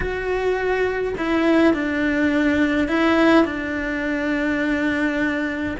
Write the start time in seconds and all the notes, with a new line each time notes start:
0.00 F#4
1.17 E4
1.73 D4
2.88 E4
3.45 D4